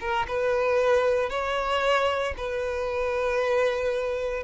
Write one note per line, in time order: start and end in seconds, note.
0.00 0.26 A#4
0.28 1.29 B4
1.29 2.34 C#5
2.37 4.43 B4